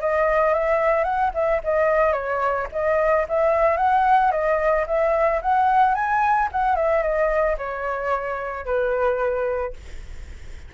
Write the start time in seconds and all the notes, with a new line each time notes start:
0.00 D#5
0.54 E5
1.03 F#5
1.34 E5
1.63 D#5
2.12 C#5
2.72 D#5
3.28 E5
3.77 F#5
4.31 D#5
4.86 E5
5.41 F#5
5.94 G#5
6.51 F#5
6.75 E5
7.02 D#5
7.57 C#5
8.65 B4